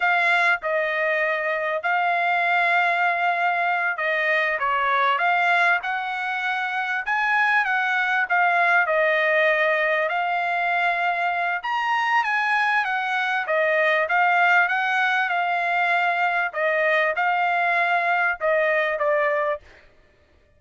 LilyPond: \new Staff \with { instrumentName = "trumpet" } { \time 4/4 \tempo 4 = 98 f''4 dis''2 f''4~ | f''2~ f''8 dis''4 cis''8~ | cis''8 f''4 fis''2 gis''8~ | gis''8 fis''4 f''4 dis''4.~ |
dis''8 f''2~ f''8 ais''4 | gis''4 fis''4 dis''4 f''4 | fis''4 f''2 dis''4 | f''2 dis''4 d''4 | }